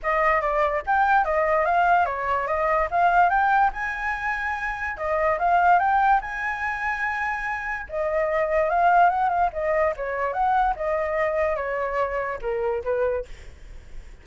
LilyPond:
\new Staff \with { instrumentName = "flute" } { \time 4/4 \tempo 4 = 145 dis''4 d''4 g''4 dis''4 | f''4 cis''4 dis''4 f''4 | g''4 gis''2. | dis''4 f''4 g''4 gis''4~ |
gis''2. dis''4~ | dis''4 f''4 fis''8 f''8 dis''4 | cis''4 fis''4 dis''2 | cis''2 ais'4 b'4 | }